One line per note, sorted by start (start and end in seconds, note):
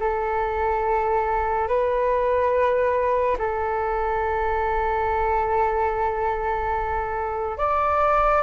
0.00 1.68 A4
1.68 3.37 B4
3.38 7.57 A4
7.57 8.42 D5